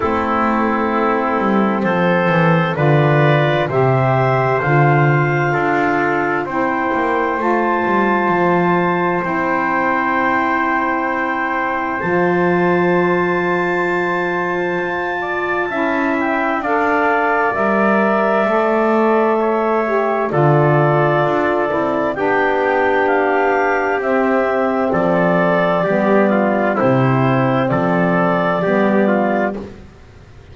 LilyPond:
<<
  \new Staff \with { instrumentName = "clarinet" } { \time 4/4 \tempo 4 = 65 a'2 c''4 d''4 | e''4 f''2 g''4 | a''2 g''2~ | g''4 a''2.~ |
a''4. g''8 f''4 e''4~ | e''2 d''2 | g''4 f''4 e''4 d''4~ | d''4 c''4 d''2 | }
  \new Staff \with { instrumentName = "trumpet" } { \time 4/4 e'2 a'4 b'4 | c''2 a'4 c''4~ | c''1~ | c''1~ |
c''8 d''8 e''4 d''2~ | d''4 cis''4 a'2 | g'2. a'4 | g'8 f'8 e'4 a'4 g'8 f'8 | }
  \new Staff \with { instrumentName = "saxophone" } { \time 4/4 c'2. f'4 | g'4 f'2 e'4 | f'2 e'2~ | e'4 f'2.~ |
f'4 e'4 a'4 ais'4 | a'4. g'8 f'4. e'8 | d'2 c'2 | b4 c'2 b4 | }
  \new Staff \with { instrumentName = "double bass" } { \time 4/4 a4. g8 f8 e8 d4 | c4 d4 d'4 c'8 ais8 | a8 g8 f4 c'2~ | c'4 f2. |
f'4 cis'4 d'4 g4 | a2 d4 d'8 c'8 | b2 c'4 f4 | g4 c4 f4 g4 | }
>>